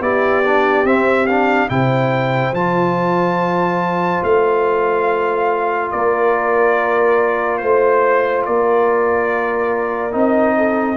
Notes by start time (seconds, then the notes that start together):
0.00 B3 E4 G4 D5
0.44 D4
0.84 C4 E5
1.26 D4 F5
1.69 C3 E4 C5 G5
2.52 F3 F4 A5
4.23 A3 F5
5.91 A#3 A#4 D5
7.58 A3 C5
8.45 A#3 A#4 D5
10.11 C4 D#4
10.17 D#5
10.57 A4